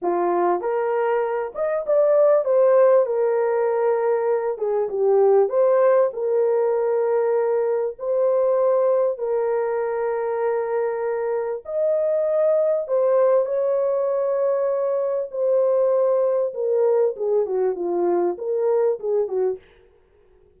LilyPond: \new Staff \with { instrumentName = "horn" } { \time 4/4 \tempo 4 = 98 f'4 ais'4. dis''8 d''4 | c''4 ais'2~ ais'8 gis'8 | g'4 c''4 ais'2~ | ais'4 c''2 ais'4~ |
ais'2. dis''4~ | dis''4 c''4 cis''2~ | cis''4 c''2 ais'4 | gis'8 fis'8 f'4 ais'4 gis'8 fis'8 | }